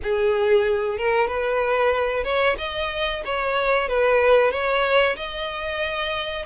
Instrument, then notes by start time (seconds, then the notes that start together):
violin
0.02 G#4
0.97 A#4
1.27 B4
2.24 C#5
2.58 D#5
3.25 C#5
3.88 B4
4.51 C#5
5.16 D#5